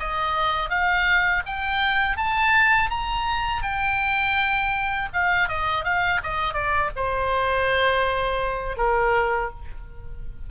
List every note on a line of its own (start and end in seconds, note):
0.00 0.70 D#5
0.70 1.43 F5
1.46 2.17 G5
2.17 2.90 A5
2.90 3.63 A#5
3.63 5.09 G5
5.14 5.49 F5
5.49 5.85 D#5
5.85 6.21 F5
6.24 6.54 D#5
6.54 6.90 D5
6.96 8.77 C5
8.77 9.51 A#4